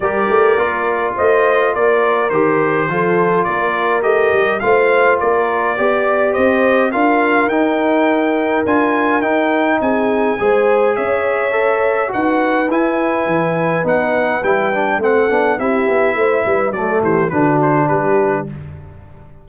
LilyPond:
<<
  \new Staff \with { instrumentName = "trumpet" } { \time 4/4 \tempo 4 = 104 d''2 dis''4 d''4 | c''2 d''4 dis''4 | f''4 d''2 dis''4 | f''4 g''2 gis''4 |
g''4 gis''2 e''4~ | e''4 fis''4 gis''2 | fis''4 g''4 fis''4 e''4~ | e''4 d''8 c''8 b'8 c''8 b'4 | }
  \new Staff \with { instrumentName = "horn" } { \time 4/4 ais'2 c''4 ais'4~ | ais'4 a'4 ais'2 | c''4 ais'4 d''4 c''4 | ais'1~ |
ais'4 gis'4 c''4 cis''4~ | cis''4 b'2.~ | b'2 a'4 g'4 | c''8 b'8 a'8 g'8 fis'4 g'4 | }
  \new Staff \with { instrumentName = "trombone" } { \time 4/4 g'4 f'2. | g'4 f'2 g'4 | f'2 g'2 | f'4 dis'2 f'4 |
dis'2 gis'2 | a'4 fis'4 e'2 | dis'4 e'8 d'8 c'8 d'8 e'4~ | e'4 a4 d'2 | }
  \new Staff \with { instrumentName = "tuba" } { \time 4/4 g8 a8 ais4 a4 ais4 | dis4 f4 ais4 a8 g8 | a4 ais4 b4 c'4 | d'4 dis'2 d'4 |
dis'4 c'4 gis4 cis'4~ | cis'4 dis'4 e'4 e4 | b4 g4 a8 b8 c'8 b8 | a8 g8 fis8 e8 d4 g4 | }
>>